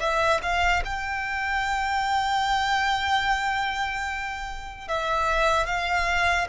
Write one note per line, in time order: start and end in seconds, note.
0.00 0.41 E5
0.42 0.83 F5
0.85 4.88 G5
4.88 5.67 E5
5.67 6.48 F5